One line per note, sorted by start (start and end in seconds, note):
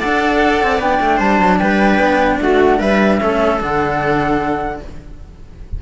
0.00 0.63 D4
0.00 0.80 A4
0.00 1.17 D5
0.00 0.80 F#5
0.63 0.80 C4
0.80 1.00 B3
0.80 3.20 D4
0.80 1.20 G5
1.01 1.20 A3
1.17 1.40 G3
1.17 1.57 C5
1.17 1.59 A5
1.40 1.60 F#3
1.59 2.00 G3
1.59 2.40 B4
1.59 2.39 G5
2.00 2.40 B3
2.41 2.81 A3
2.41 2.79 F#4
2.41 2.81 F#5
2.79 3.21 G3
2.79 3.19 B4
2.79 3.61 E5
3.20 3.62 A3
3.20 3.60 C#4
3.20 4.83 A4
3.61 4.82 D3
3.61 4.81 D4
3.61 4.82 F#5